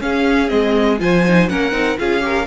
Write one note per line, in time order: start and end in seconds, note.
0.00 0.48 C#4
0.00 0.50 C#4
0.00 1.01 G#4
0.00 0.49 F5
0.48 1.00 G#3
0.48 0.97 C4
0.48 0.98 D#5
0.99 1.50 F3
0.99 1.23 F4
0.99 1.50 C5
0.99 1.49 G#5
1.27 1.49 D#4
1.49 1.72 A#3
1.49 1.72 C#4
1.49 1.99 A#4
1.49 1.98 F#5
1.72 1.96 C4
1.72 1.96 D#4
1.99 2.46 C#4
1.99 2.20 F4
1.99 2.24 G#4
1.99 2.46 F5
2.20 2.45 G4
2.20 2.46 A#4